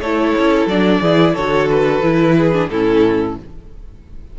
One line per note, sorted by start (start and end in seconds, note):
0.00 0.33 A3
0.00 0.71 E4
0.00 1.01 A4
0.00 0.67 C#5
0.38 0.67 C#4
0.67 1.00 F#3
0.67 1.03 D4
0.67 1.35 D5
1.01 1.35 E3
1.01 1.37 E4
1.01 1.34 G#4
1.34 2.01 D3
1.34 2.03 F#4
1.34 2.34 A4
1.34 1.68 C#5
1.69 2.69 B4
2.01 2.68 E3
2.01 2.53 E4
2.37 2.71 G#4
2.53 2.70 D4
2.69 3.37 A2
2.69 3.38 C#4
2.69 3.39 E4
2.69 3.36 A4